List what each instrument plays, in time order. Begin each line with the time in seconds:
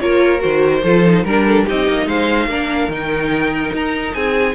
0.00 cello A#3, viola F4, violin A#4 C#5
0.39 cello D#3, viola F#4, violin C5
0.83 cello F3, viola F4, violin A4
1.06 viola D#4
1.24 cello G3, viola D4, violin A#4
1.47 violin A4
1.65 cello C4, viola D#4, violin G4 D#5
1.88 cello A#3
2.06 cello G#3, violin C5 F5
2.47 cello A#3, viola D4, violin A#4
2.88 cello D#3, viola D#4, violin G5
3.73 cello D#4, violin A#5
4.14 cello C4, violin G#4 G#5